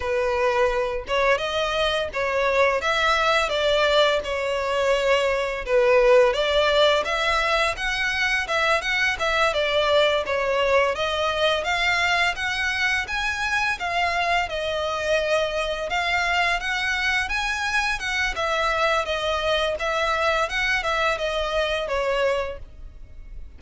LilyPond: \new Staff \with { instrumentName = "violin" } { \time 4/4 \tempo 4 = 85 b'4. cis''8 dis''4 cis''4 | e''4 d''4 cis''2 | b'4 d''4 e''4 fis''4 | e''8 fis''8 e''8 d''4 cis''4 dis''8~ |
dis''8 f''4 fis''4 gis''4 f''8~ | f''8 dis''2 f''4 fis''8~ | fis''8 gis''4 fis''8 e''4 dis''4 | e''4 fis''8 e''8 dis''4 cis''4 | }